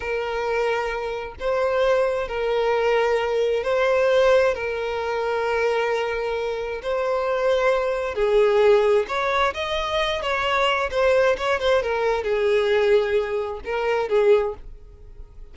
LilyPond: \new Staff \with { instrumentName = "violin" } { \time 4/4 \tempo 4 = 132 ais'2. c''4~ | c''4 ais'2. | c''2 ais'2~ | ais'2. c''4~ |
c''2 gis'2 | cis''4 dis''4. cis''4. | c''4 cis''8 c''8 ais'4 gis'4~ | gis'2 ais'4 gis'4 | }